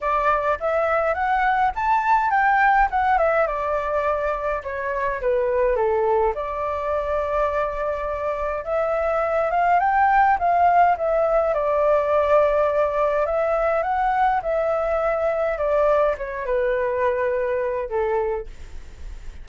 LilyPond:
\new Staff \with { instrumentName = "flute" } { \time 4/4 \tempo 4 = 104 d''4 e''4 fis''4 a''4 | g''4 fis''8 e''8 d''2 | cis''4 b'4 a'4 d''4~ | d''2. e''4~ |
e''8 f''8 g''4 f''4 e''4 | d''2. e''4 | fis''4 e''2 d''4 | cis''8 b'2~ b'8 a'4 | }